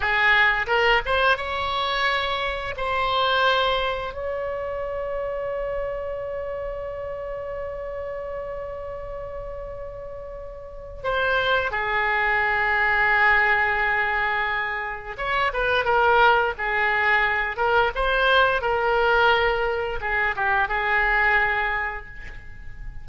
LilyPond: \new Staff \with { instrumentName = "oboe" } { \time 4/4 \tempo 4 = 87 gis'4 ais'8 c''8 cis''2 | c''2 cis''2~ | cis''1~ | cis''1 |
c''4 gis'2.~ | gis'2 cis''8 b'8 ais'4 | gis'4. ais'8 c''4 ais'4~ | ais'4 gis'8 g'8 gis'2 | }